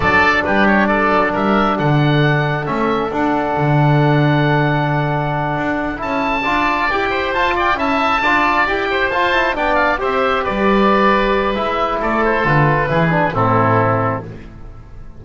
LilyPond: <<
  \new Staff \with { instrumentName = "oboe" } { \time 4/4 \tempo 4 = 135 d''4 b'8 cis''8 d''4 e''4 | fis''2 e''4 fis''4~ | fis''1~ | fis''4. a''2 g''8~ |
g''8 a''8 g''8 a''2 g''8~ | g''8 a''4 g''8 f''8 e''4 d''8~ | d''2 e''4 d''8 c''8 | b'2 a'2 | }
  \new Staff \with { instrumentName = "oboe" } { \time 4/4 a'4 g'4 a'4 ais'4 | a'1~ | a'1~ | a'2~ a'8 d''4. |
c''4 d''8 e''4 d''4. | c''4. d''4 c''4 b'8~ | b'2. a'4~ | a'4 gis'4 e'2 | }
  \new Staff \with { instrumentName = "trombone" } { \time 4/4 d'1~ | d'2 cis'4 d'4~ | d'1~ | d'4. e'4 f'4 g'8~ |
g'8 f'4 e'4 f'4 g'8~ | g'8 f'8 e'8 d'4 g'4.~ | g'2 e'2 | f'4 e'8 d'8 c'2 | }
  \new Staff \with { instrumentName = "double bass" } { \time 4/4 fis4 g4. fis8 g4 | d2 a4 d'4 | d1~ | d8 d'4 cis'4 d'4 e'8~ |
e'8 f'4 cis'4 d'4 e'8~ | e'8 f'4 b4 c'4 g8~ | g2 gis4 a4 | d4 e4 a,2 | }
>>